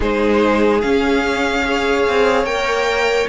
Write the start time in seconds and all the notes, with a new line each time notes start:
0.00 G#3 D#4 G#4 C5
0.81 C#4 F5
1.65 G#4 C#5
2.08 C4
2.43 A#3 A#4 G5